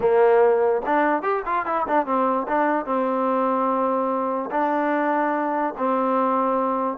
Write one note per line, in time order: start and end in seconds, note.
0.00 0.82 A#3
0.86 1.22 D4
1.22 1.43 G4
1.45 1.65 F4
1.65 1.86 E4
1.88 2.05 D4
2.05 2.47 C4
2.48 2.85 D4
2.85 4.50 C4
4.50 5.74 D4
5.77 6.97 C4